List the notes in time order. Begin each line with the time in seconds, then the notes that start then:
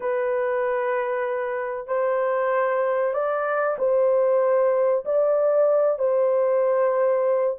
0.00 B4
1.87 C5
3.13 D5
3.78 C5
5.05 D5
5.99 C5